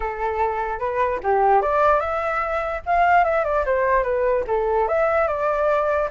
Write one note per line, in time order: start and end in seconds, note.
0.00 0.79 A4
0.79 1.19 B4
1.23 1.61 G4
1.61 2.00 D5
2.00 2.81 E5
2.86 3.24 F5
3.24 3.44 E5
3.44 3.64 D5
3.65 4.03 C5
4.03 4.44 B4
4.47 4.87 A4
4.88 5.27 E5
5.27 6.08 D5